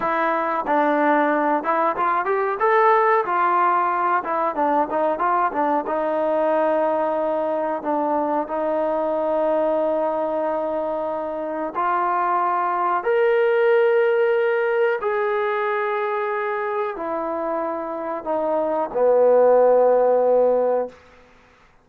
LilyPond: \new Staff \with { instrumentName = "trombone" } { \time 4/4 \tempo 4 = 92 e'4 d'4. e'8 f'8 g'8 | a'4 f'4. e'8 d'8 dis'8 | f'8 d'8 dis'2. | d'4 dis'2.~ |
dis'2 f'2 | ais'2. gis'4~ | gis'2 e'2 | dis'4 b2. | }